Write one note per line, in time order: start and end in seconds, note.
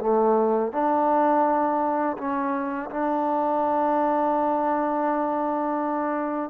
0.00 0.72 A3
0.72 2.17 D4
2.18 2.90 C#4
2.90 6.50 D4